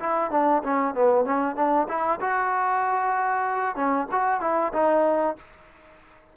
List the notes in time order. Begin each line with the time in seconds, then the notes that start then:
0.00 E4
0.31 D4
0.63 C#4
0.94 B3
1.25 C#4
1.56 D4
1.88 E4
2.21 F#4
3.76 C#4
4.12 F#4
4.41 E4
4.73 D#4